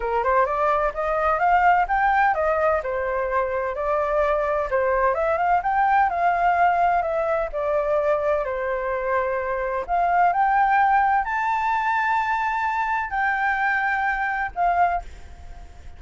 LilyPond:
\new Staff \with { instrumentName = "flute" } { \time 4/4 \tempo 4 = 128 ais'8 c''8 d''4 dis''4 f''4 | g''4 dis''4 c''2 | d''2 c''4 e''8 f''8 | g''4 f''2 e''4 |
d''2 c''2~ | c''4 f''4 g''2 | a''1 | g''2. f''4 | }